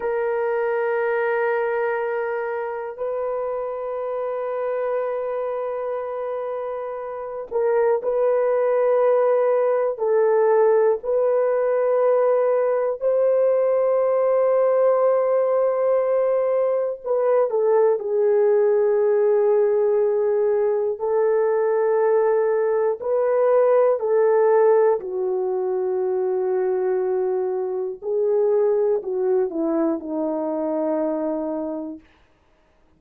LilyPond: \new Staff \with { instrumentName = "horn" } { \time 4/4 \tempo 4 = 60 ais'2. b'4~ | b'2.~ b'8 ais'8 | b'2 a'4 b'4~ | b'4 c''2.~ |
c''4 b'8 a'8 gis'2~ | gis'4 a'2 b'4 | a'4 fis'2. | gis'4 fis'8 e'8 dis'2 | }